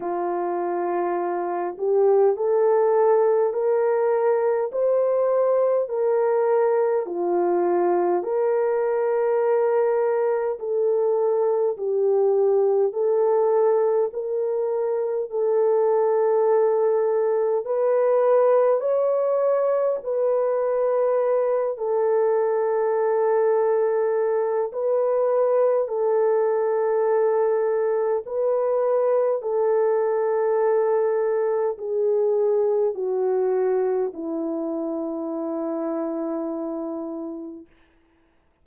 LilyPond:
\new Staff \with { instrumentName = "horn" } { \time 4/4 \tempo 4 = 51 f'4. g'8 a'4 ais'4 | c''4 ais'4 f'4 ais'4~ | ais'4 a'4 g'4 a'4 | ais'4 a'2 b'4 |
cis''4 b'4. a'4.~ | a'4 b'4 a'2 | b'4 a'2 gis'4 | fis'4 e'2. | }